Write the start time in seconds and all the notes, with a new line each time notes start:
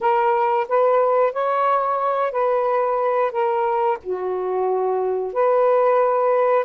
0.00 A#4
0.68 B4
1.32 C#5
2.31 B4
3.31 A#4
4.03 F#4
5.33 B4